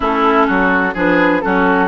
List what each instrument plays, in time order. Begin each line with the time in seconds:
0.00 bassoon A3, clarinet C#4, oboe E4, flute A4
0.46 bassoon F#3, oboe F#4
0.94 bassoon F3, clarinet D4, oboe G#4, flute B4
1.41 bassoon F#3, clarinet C#4, oboe F#4, flute A4